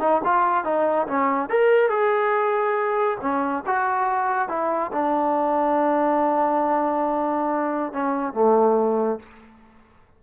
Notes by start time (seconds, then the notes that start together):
0.00 D#4
0.24 F4
0.64 D#4
1.08 C#4
1.49 A#4
1.89 G#4
3.21 C#4
3.66 F#4
4.48 E4
4.92 D4
7.92 C#4
8.34 A3